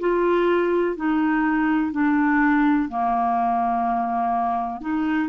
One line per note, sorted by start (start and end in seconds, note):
0.00 0.97 F4
0.97 1.92 D#4
1.92 2.89 D4
2.89 4.81 A#3
4.81 5.29 D#4